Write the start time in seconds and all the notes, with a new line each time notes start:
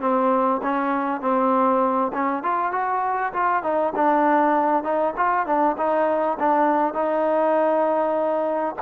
0.00 C4
0.62 C#4
1.21 C4
2.13 C#4
2.43 F4
2.72 F#4
3.33 F4
3.63 D#4
3.95 D4
4.83 D#4
5.16 F4
5.46 D4
5.77 D#4
6.39 D4
6.93 D#4